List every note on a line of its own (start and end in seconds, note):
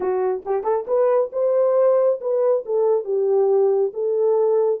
0.00 0.43 F#4
0.45 0.63 G4
0.63 0.85 A4
0.87 1.31 B4
1.32 2.20 C5
2.20 2.64 B4
2.65 3.04 A4
3.04 3.91 G4
3.93 4.80 A4